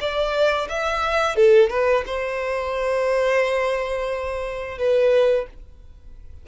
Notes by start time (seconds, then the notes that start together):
0.00 D5
0.69 E5
1.36 A4
1.70 B4
2.06 C5
4.78 B4